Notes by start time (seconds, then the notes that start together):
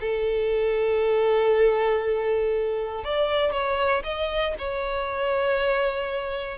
0.00 A4
3.04 D5
3.52 C#5
4.04 D#5
4.58 C#5